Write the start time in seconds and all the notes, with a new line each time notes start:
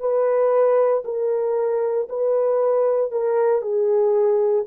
0.00 B4
1.05 A#4
2.09 B4
3.11 A#4
3.62 G#4